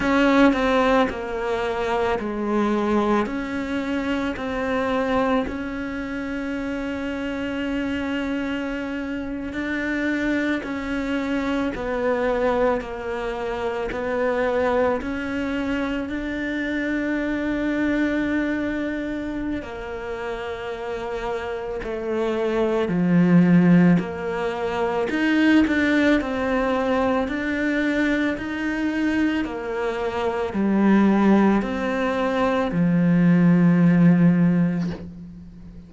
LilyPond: \new Staff \with { instrumentName = "cello" } { \time 4/4 \tempo 4 = 55 cis'8 c'8 ais4 gis4 cis'4 | c'4 cis'2.~ | cis'8. d'4 cis'4 b4 ais16~ | ais8. b4 cis'4 d'4~ d'16~ |
d'2 ais2 | a4 f4 ais4 dis'8 d'8 | c'4 d'4 dis'4 ais4 | g4 c'4 f2 | }